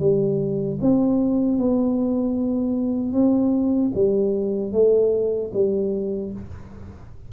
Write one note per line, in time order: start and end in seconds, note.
0.00 0.79 G3
0.81 1.58 C4
1.58 3.13 B3
3.13 3.92 C4
3.95 4.73 G3
4.73 5.52 A3
5.54 6.33 G3